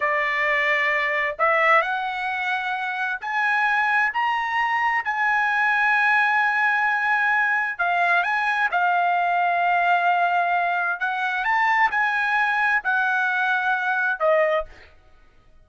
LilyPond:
\new Staff \with { instrumentName = "trumpet" } { \time 4/4 \tempo 4 = 131 d''2. e''4 | fis''2. gis''4~ | gis''4 ais''2 gis''4~ | gis''1~ |
gis''4 f''4 gis''4 f''4~ | f''1 | fis''4 a''4 gis''2 | fis''2. dis''4 | }